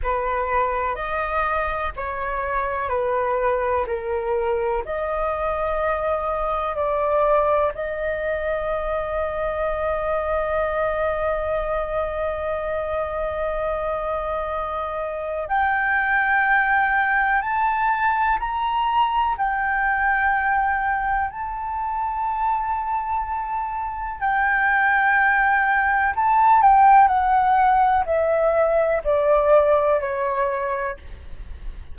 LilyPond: \new Staff \with { instrumentName = "flute" } { \time 4/4 \tempo 4 = 62 b'4 dis''4 cis''4 b'4 | ais'4 dis''2 d''4 | dis''1~ | dis''1 |
g''2 a''4 ais''4 | g''2 a''2~ | a''4 g''2 a''8 g''8 | fis''4 e''4 d''4 cis''4 | }